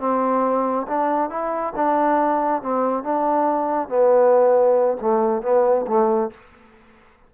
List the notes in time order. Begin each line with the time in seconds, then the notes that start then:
0.00 C4
0.88 D4
1.30 E4
1.76 D4
2.63 C4
3.04 D4
3.89 B3
5.02 A3
5.43 B3
5.88 A3